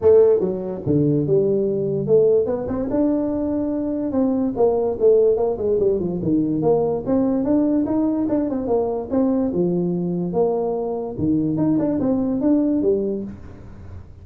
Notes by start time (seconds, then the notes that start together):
0.01 A3
0.39 F#3
0.86 D3
1.27 G3
2.06 A3
2.46 B3
2.67 C4
2.90 D4
4.12 C4
4.56 A#3
4.99 A3
5.36 A#3
5.57 G#3
5.79 G3
5.99 F3
6.22 D#3
6.62 A#3
7.06 C4
7.43 D4
7.85 D#4
8.29 D4
8.49 C4
8.67 A#3
9.10 C4
9.53 F3
10.33 A#3
11.18 D#3
11.57 D#4
11.78 D4
11.99 C4
12.40 D4
12.82 G3